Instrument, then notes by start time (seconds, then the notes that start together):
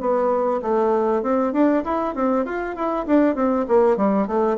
bassoon
0.00 B3
0.61 A3
1.22 C4
1.53 D4
1.84 E4
2.14 C4
2.45 F4
2.75 E4
3.06 D4
3.35 C4
3.68 A#3
3.96 G3
4.27 A3